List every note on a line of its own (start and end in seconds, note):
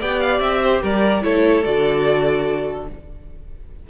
0.00 0.40 B3
0.00 1.22 G4
0.00 0.62 D5
0.00 0.20 G5
0.20 0.40 F5
0.40 0.81 C4
0.40 0.82 E5
0.62 0.82 C5
0.82 1.24 G3
0.82 1.23 A#4
0.82 1.23 D5
1.22 1.66 A3
1.22 1.64 E4
1.22 2.88 A4
1.22 1.64 C#5
1.64 2.90 D3
1.64 2.88 F#4
1.64 2.87 D5